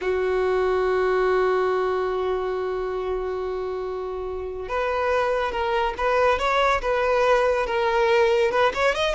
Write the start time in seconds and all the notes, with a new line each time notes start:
0.01 F#4
4.68 B4
5.51 A#4
5.97 B4
6.38 C#5
6.81 B4
7.66 A#4
8.51 B4
8.74 C#5
8.94 D#5